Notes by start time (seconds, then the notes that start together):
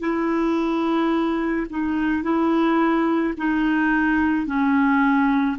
0.00 E4
1.70 D#4
2.23 E4
3.37 D#4
4.47 C#4